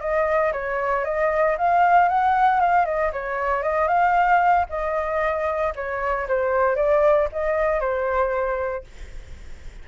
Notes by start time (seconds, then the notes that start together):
0.00 D#5
0.53 C#5
1.04 D#5
1.58 F5
2.09 F#5
2.60 F5
2.86 D#5
3.13 C#5
3.63 D#5
3.88 F5
4.69 D#5
5.75 C#5
6.28 C5
6.76 D5
7.32 D#5
7.80 C5